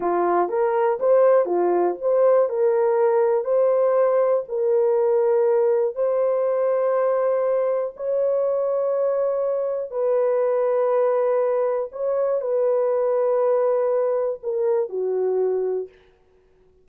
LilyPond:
\new Staff \with { instrumentName = "horn" } { \time 4/4 \tempo 4 = 121 f'4 ais'4 c''4 f'4 | c''4 ais'2 c''4~ | c''4 ais'2. | c''1 |
cis''1 | b'1 | cis''4 b'2.~ | b'4 ais'4 fis'2 | }